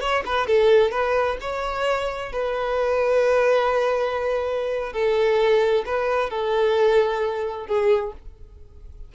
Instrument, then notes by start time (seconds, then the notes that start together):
violin
0.00 C#5
0.25 B4
0.46 A4
0.91 B4
1.40 C#5
2.32 B4
4.93 A4
5.85 B4
6.30 A4
7.66 G#4